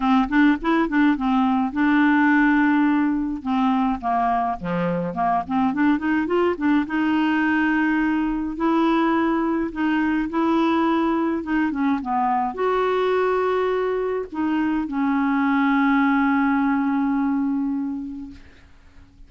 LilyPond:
\new Staff \with { instrumentName = "clarinet" } { \time 4/4 \tempo 4 = 105 c'8 d'8 e'8 d'8 c'4 d'4~ | d'2 c'4 ais4 | f4 ais8 c'8 d'8 dis'8 f'8 d'8 | dis'2. e'4~ |
e'4 dis'4 e'2 | dis'8 cis'8 b4 fis'2~ | fis'4 dis'4 cis'2~ | cis'1 | }